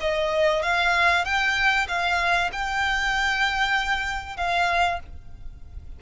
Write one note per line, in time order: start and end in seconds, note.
0.00 0.62 D#5
0.62 1.24 F5
1.24 1.87 G5
1.88 2.50 F5
2.52 4.37 G5
4.37 4.99 F5